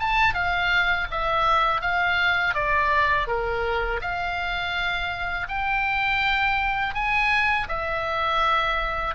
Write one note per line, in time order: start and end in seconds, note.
0.00 0.34 A5
0.34 1.07 F5
1.11 1.82 E5
1.82 2.54 F5
2.54 3.28 D5
3.28 4.01 A#4
4.01 5.48 F5
5.49 6.94 G5
6.94 7.68 G#5
7.69 9.15 E5